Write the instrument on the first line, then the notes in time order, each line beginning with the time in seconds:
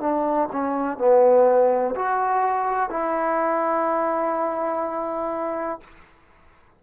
trombone
0.00 D4
0.52 C#4
0.98 B3
1.95 F#4
2.89 E4